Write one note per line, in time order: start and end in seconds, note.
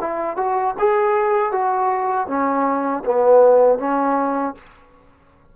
0.00 0.37 E4
0.37 0.75 F#4
0.79 1.52 G#4
1.52 2.28 F#4
2.28 3.03 C#4
3.05 3.78 B3
3.78 4.54 C#4